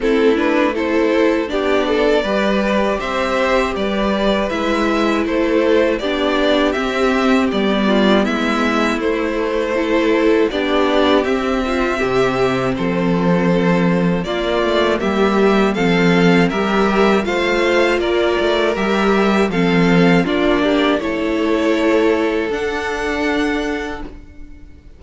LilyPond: <<
  \new Staff \with { instrumentName = "violin" } { \time 4/4 \tempo 4 = 80 a'8 b'8 c''4 d''2 | e''4 d''4 e''4 c''4 | d''4 e''4 d''4 e''4 | c''2 d''4 e''4~ |
e''4 c''2 d''4 | e''4 f''4 e''4 f''4 | d''4 e''4 f''4 d''4 | cis''2 fis''2 | }
  \new Staff \with { instrumentName = "violin" } { \time 4/4 e'4 a'4 g'8 a'8 b'4 | c''4 b'2 a'4 | g'2~ g'8 f'8 e'4~ | e'4 a'4 g'4. f'8 |
g'4 a'2 f'4 | g'4 a'4 ais'4 c''4 | ais'2 a'4 f'8 g'8 | a'1 | }
  \new Staff \with { instrumentName = "viola" } { \time 4/4 c'8 d'8 e'4 d'4 g'4~ | g'2 e'2 | d'4 c'4 b2 | a4 e'4 d'4 c'4~ |
c'2. ais4~ | ais4 c'4 g'4 f'4~ | f'4 g'4 c'4 d'4 | e'2 d'2 | }
  \new Staff \with { instrumentName = "cello" } { \time 4/4 a2 b4 g4 | c'4 g4 gis4 a4 | b4 c'4 g4 gis4 | a2 b4 c'4 |
c4 f2 ais8 a8 | g4 f4 g4 a4 | ais8 a8 g4 f4 ais4 | a2 d'2 | }
>>